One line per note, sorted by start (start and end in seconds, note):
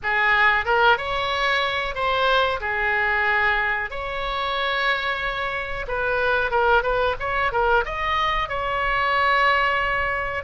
0.02 0.65 G#4
0.65 0.97 A#4
0.97 1.94 C#5
1.94 2.59 C5
2.60 3.90 G#4
3.90 5.85 C#5
5.87 6.50 B4
6.50 6.82 A#4
6.82 7.15 B4
7.19 7.51 C#5
7.51 7.84 A#4
7.85 8.48 D#5
8.48 10.43 C#5